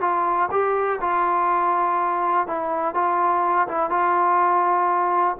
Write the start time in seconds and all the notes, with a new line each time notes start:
0.00 F4
0.51 G4
1.00 F4
2.47 E4
2.94 F4
3.68 E4
3.90 F4